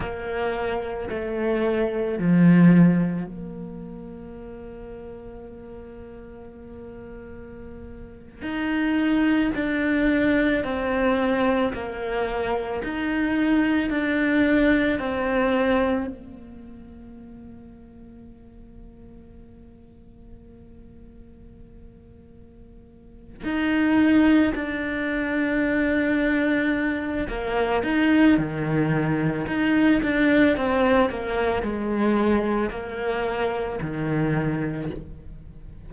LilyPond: \new Staff \with { instrumentName = "cello" } { \time 4/4 \tempo 4 = 55 ais4 a4 f4 ais4~ | ais2.~ ais8. dis'16~ | dis'8. d'4 c'4 ais4 dis'16~ | dis'8. d'4 c'4 ais4~ ais16~ |
ais1~ | ais4. dis'4 d'4.~ | d'4 ais8 dis'8 dis4 dis'8 d'8 | c'8 ais8 gis4 ais4 dis4 | }